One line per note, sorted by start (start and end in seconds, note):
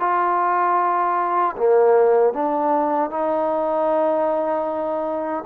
0.00 1.56 F4
1.57 2.34 A#3
2.34 3.11 D4
3.11 5.44 D#4